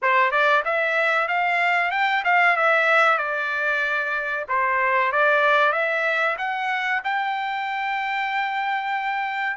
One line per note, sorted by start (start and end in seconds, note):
0.02 0.31 C5
0.31 0.63 D5
0.64 1.28 E5
1.28 1.91 F5
1.91 2.23 G5
2.24 2.56 F5
2.56 3.18 E5
3.18 4.45 D5
4.48 5.12 C5
5.12 5.72 D5
5.72 6.36 E5
6.38 7.02 F#5
7.04 9.57 G5